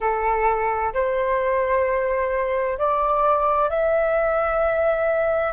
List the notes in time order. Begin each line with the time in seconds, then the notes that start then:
0.00 A4
0.93 C5
2.77 D5
3.69 E5